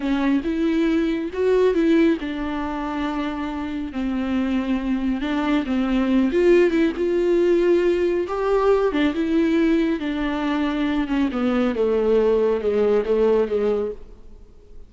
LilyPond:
\new Staff \with { instrumentName = "viola" } { \time 4/4 \tempo 4 = 138 cis'4 e'2 fis'4 | e'4 d'2.~ | d'4 c'2. | d'4 c'4. f'4 e'8 |
f'2. g'4~ | g'8 d'8 e'2 d'4~ | d'4. cis'8 b4 a4~ | a4 gis4 a4 gis4 | }